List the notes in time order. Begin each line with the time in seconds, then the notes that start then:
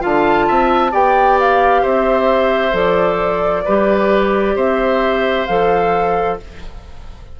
0.00 D3 F4 F5 A5
0.48 C4 E5
0.91 B3 G4 D5 G5
1.40 F5
1.82 C4 C5 E5
2.72 F3 A4 D5
3.64 G3 G4 B4
4.55 C4 C5 E5
5.46 F3 A4 F5